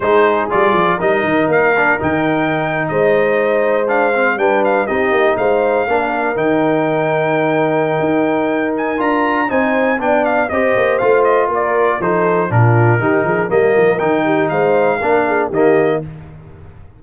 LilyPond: <<
  \new Staff \with { instrumentName = "trumpet" } { \time 4/4 \tempo 4 = 120 c''4 d''4 dis''4 f''4 | g''4.~ g''16 dis''2 f''16~ | f''8. g''8 f''8 dis''4 f''4~ f''16~ | f''8. g''2.~ g''16~ |
g''4. gis''8 ais''4 gis''4 | g''8 f''8 dis''4 f''8 dis''8 d''4 | c''4 ais'2 dis''4 | g''4 f''2 dis''4 | }
  \new Staff \with { instrumentName = "horn" } { \time 4/4 gis'2 ais'2~ | ais'4.~ ais'16 c''2~ c''16~ | c''8. b'4 g'4 c''4 ais'16~ | ais'1~ |
ais'2. c''4 | d''4 c''2 ais'4 | a'4 f'4 g'8 gis'8 ais'4~ | ais'8 g'8 c''4 ais'8 gis'8 g'4 | }
  \new Staff \with { instrumentName = "trombone" } { \time 4/4 dis'4 f'4 dis'4. d'8 | dis'2.~ dis'8. d'16~ | d'16 c'8 d'4 dis'2 d'16~ | d'8. dis'2.~ dis'16~ |
dis'2 f'4 dis'4 | d'4 g'4 f'2 | dis'4 d'4 dis'4 ais4 | dis'2 d'4 ais4 | }
  \new Staff \with { instrumentName = "tuba" } { \time 4/4 gis4 g8 f8 g8 dis8 ais4 | dis4.~ dis16 gis2~ gis16~ | gis8. g4 c'8 ais8 gis4 ais16~ | ais8. dis2.~ dis16 |
dis'2 d'4 c'4 | b4 c'8 ais8 a4 ais4 | f4 ais,4 dis8 f8 g8 f8 | dis4 gis4 ais4 dis4 | }
>>